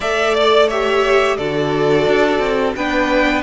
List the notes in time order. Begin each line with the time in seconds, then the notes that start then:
0.00 A3 A4 D5 E5
0.34 D5
0.68 G4 C#5 E5
1.37 D3 F#4 A4 D5
2.07 D4
2.39 C4
2.75 B3 D4 B4 G5